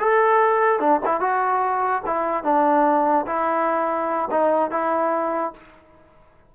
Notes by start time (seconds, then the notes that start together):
0.00 A4
0.80 D4
1.06 E4
1.21 F#4
2.06 E4
2.44 D4
3.27 E4
4.31 D#4
4.71 E4